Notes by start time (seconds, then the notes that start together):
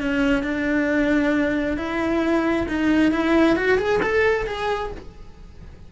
0.00 C#4
0.43 D4
1.77 E4
2.68 D#4
3.11 E4
3.56 F#4
3.78 G#4
4.02 A4
4.46 G#4